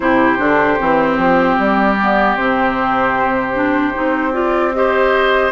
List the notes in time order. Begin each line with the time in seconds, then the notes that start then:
0.00 C3 E4 G4 C5
0.38 D3 D4
0.79 E3 C4
1.17 F3
1.58 G3 D5
2.01 B3
2.36 C3 C4 C5
3.53 D4
3.93 C4 D#4
4.32 F4 D5
4.73 G4 C5 D#5